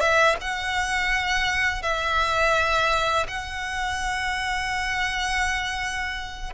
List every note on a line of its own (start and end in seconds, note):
0.00 0.36 E5
0.41 1.82 F#5
1.82 3.27 E5
3.28 6.53 F#5